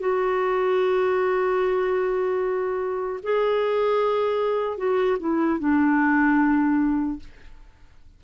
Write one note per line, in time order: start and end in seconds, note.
0.00 3.20 F#4
3.23 4.78 G#4
4.78 5.18 F#4
5.20 5.60 E4
5.60 7.20 D4